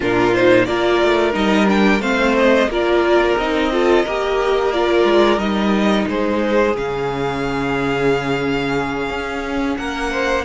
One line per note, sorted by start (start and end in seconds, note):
0.00 0.67 A#2
0.00 0.34 D4
0.00 0.65 F4
0.00 0.34 A#4
0.34 0.67 D#4
0.34 0.65 C5
0.65 1.01 A#3
0.65 1.32 F4
0.65 2.01 A#4
0.65 1.32 D5
1.02 1.34 A3
1.32 2.00 G3
1.32 1.66 D#4
1.32 1.69 D#5
1.66 2.00 D4
1.66 2.01 G5
2.00 2.67 A3
2.00 2.68 C4
2.00 2.69 C5
2.00 2.35 F5
2.37 2.71 D#5
2.67 3.34 A#3
2.67 3.38 F4
2.67 3.72 A#4
2.67 3.37 D5
3.37 4.04 C4
3.37 3.71 D#4
3.37 4.72 D#5
3.71 4.05 F4
3.71 4.05 A4
4.05 5.04 A#3
4.05 4.73 G4
4.05 6.08 A#4
4.72 5.37 F4
4.72 5.38 D5
5.04 5.37 G#3
5.37 6.05 G3
5.37 6.72 D#4
5.37 6.06 D#5
6.07 6.74 G#3
6.07 9.78 G#4
6.07 6.76 C5
6.74 9.09 C#3
6.74 10.44 C#4
6.74 9.77 F5
9.09 9.76 C#4
9.77 10.44 A#3
9.77 10.11 A#4
9.77 10.44 F#5
10.11 10.44 C5